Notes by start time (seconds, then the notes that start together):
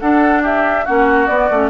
0.00 D4 A4 F#5
0.43 G4 E5
0.85 A#3 C#4 F#4 F#5
1.27 B3 D5
1.51 A3 C#4